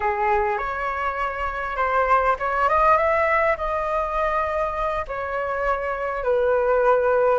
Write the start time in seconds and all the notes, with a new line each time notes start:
0.00 G#4
0.58 C#5
1.76 C5
2.39 C#5
2.68 D#5
2.97 E5
3.57 D#5
5.07 C#5
6.23 B4